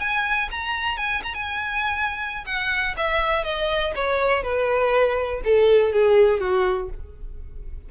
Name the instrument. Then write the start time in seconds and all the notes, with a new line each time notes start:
violin
0.00 G#5
0.51 A#5
0.97 G#5
1.24 A#5
1.34 G#5
2.46 F#5
2.97 E5
3.44 D#5
3.95 C#5
4.43 B4
5.44 A4
5.93 G#4
6.40 F#4